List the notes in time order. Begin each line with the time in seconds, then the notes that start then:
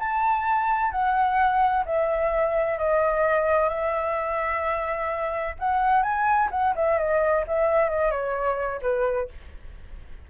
0.00 A5
0.92 F#5
1.86 E5
2.79 D#5
3.69 E5
5.59 F#5
6.03 G#5
6.52 F#5
6.76 E5
6.99 D#5
7.48 E5
7.90 D#5
8.11 C#5
8.82 B4